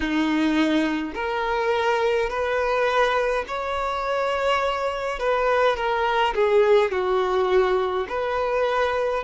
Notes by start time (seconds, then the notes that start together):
0.00 D#4
1.14 A#4
2.29 B4
3.47 C#5
5.19 B4
5.76 A#4
6.35 G#4
6.91 F#4
8.08 B4